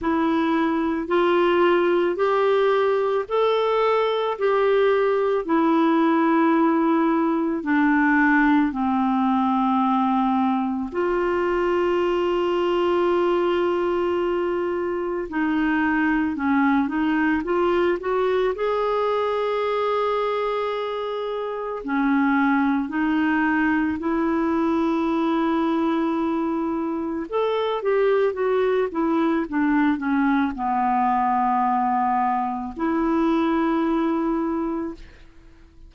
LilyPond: \new Staff \with { instrumentName = "clarinet" } { \time 4/4 \tempo 4 = 55 e'4 f'4 g'4 a'4 | g'4 e'2 d'4 | c'2 f'2~ | f'2 dis'4 cis'8 dis'8 |
f'8 fis'8 gis'2. | cis'4 dis'4 e'2~ | e'4 a'8 g'8 fis'8 e'8 d'8 cis'8 | b2 e'2 | }